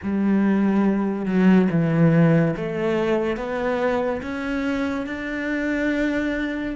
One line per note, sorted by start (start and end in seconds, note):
0.02 1.25 G3
1.25 1.67 F#3
1.71 2.55 E3
2.56 3.36 A3
3.36 4.21 B3
4.21 5.06 C#4
5.06 6.75 D4